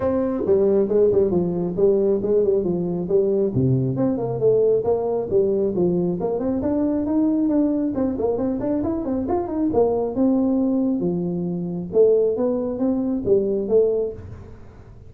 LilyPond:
\new Staff \with { instrumentName = "tuba" } { \time 4/4 \tempo 4 = 136 c'4 g4 gis8 g8 f4 | g4 gis8 g8 f4 g4 | c4 c'8 ais8 a4 ais4 | g4 f4 ais8 c'8 d'4 |
dis'4 d'4 c'8 ais8 c'8 d'8 | e'8 c'8 f'8 dis'8 ais4 c'4~ | c'4 f2 a4 | b4 c'4 g4 a4 | }